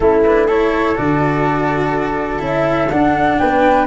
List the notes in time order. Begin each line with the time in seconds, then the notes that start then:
0.00 A3 C#4 E4 A4
0.24 D4 B4
0.46 E4 A4 C#5
0.95 D3 F#4 D5
2.39 C#4 E4 E5
2.90 D4 F#5
3.38 B3 B4 G5